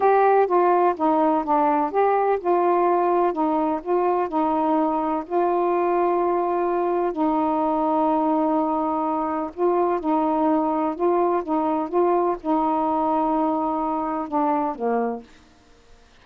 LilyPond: \new Staff \with { instrumentName = "saxophone" } { \time 4/4 \tempo 4 = 126 g'4 f'4 dis'4 d'4 | g'4 f'2 dis'4 | f'4 dis'2 f'4~ | f'2. dis'4~ |
dis'1 | f'4 dis'2 f'4 | dis'4 f'4 dis'2~ | dis'2 d'4 ais4 | }